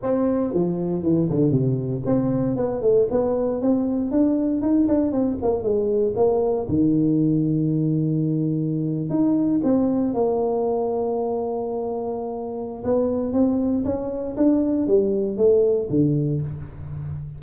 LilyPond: \new Staff \with { instrumentName = "tuba" } { \time 4/4 \tempo 4 = 117 c'4 f4 e8 d8 c4 | c'4 b8 a8 b4 c'4 | d'4 dis'8 d'8 c'8 ais8 gis4 | ais4 dis2.~ |
dis4.~ dis16 dis'4 c'4 ais16~ | ais1~ | ais4 b4 c'4 cis'4 | d'4 g4 a4 d4 | }